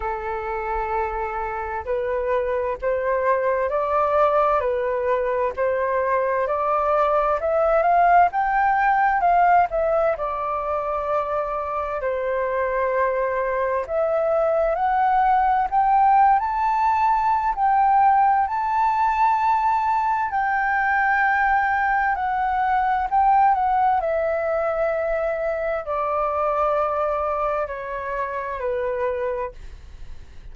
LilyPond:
\new Staff \with { instrumentName = "flute" } { \time 4/4 \tempo 4 = 65 a'2 b'4 c''4 | d''4 b'4 c''4 d''4 | e''8 f''8 g''4 f''8 e''8 d''4~ | d''4 c''2 e''4 |
fis''4 g''8. a''4~ a''16 g''4 | a''2 g''2 | fis''4 g''8 fis''8 e''2 | d''2 cis''4 b'4 | }